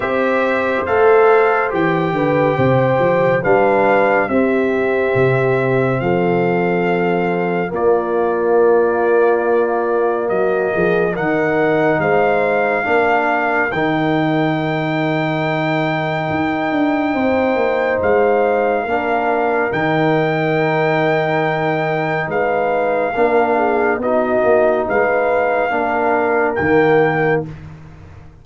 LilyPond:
<<
  \new Staff \with { instrumentName = "trumpet" } { \time 4/4 \tempo 4 = 70 e''4 f''4 g''2 | f''4 e''2 f''4~ | f''4 d''2. | dis''4 fis''4 f''2 |
g''1~ | g''4 f''2 g''4~ | g''2 f''2 | dis''4 f''2 g''4 | }
  \new Staff \with { instrumentName = "horn" } { \time 4/4 c''2~ c''8 b'8 c''4 | b'4 g'2 a'4~ | a'4 f'2. | fis'8 gis'8 ais'4 c''4 ais'4~ |
ais'1 | c''2 ais'2~ | ais'2 b'4 ais'8 gis'8 | fis'4 b'4 ais'2 | }
  \new Staff \with { instrumentName = "trombone" } { \time 4/4 g'4 a'4 g'2 | d'4 c'2.~ | c'4 ais2.~ | ais4 dis'2 d'4 |
dis'1~ | dis'2 d'4 dis'4~ | dis'2. d'4 | dis'2 d'4 ais4 | }
  \new Staff \with { instrumentName = "tuba" } { \time 4/4 c'4 a4 e8 d8 c8 f8 | g4 c'4 c4 f4~ | f4 ais2. | fis8 f8 dis4 gis4 ais4 |
dis2. dis'8 d'8 | c'8 ais8 gis4 ais4 dis4~ | dis2 gis4 ais4 | b8 ais8 gis4 ais4 dis4 | }
>>